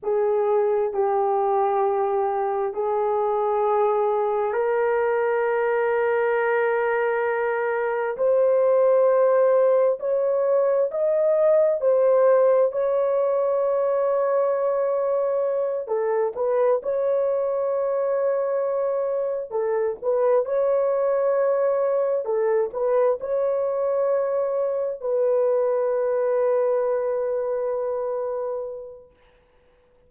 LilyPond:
\new Staff \with { instrumentName = "horn" } { \time 4/4 \tempo 4 = 66 gis'4 g'2 gis'4~ | gis'4 ais'2.~ | ais'4 c''2 cis''4 | dis''4 c''4 cis''2~ |
cis''4. a'8 b'8 cis''4.~ | cis''4. a'8 b'8 cis''4.~ | cis''8 a'8 b'8 cis''2 b'8~ | b'1 | }